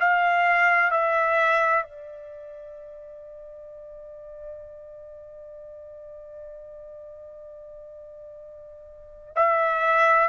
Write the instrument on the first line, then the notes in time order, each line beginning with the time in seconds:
trumpet
0.00 F5
0.91 E5
1.83 D5
9.36 E5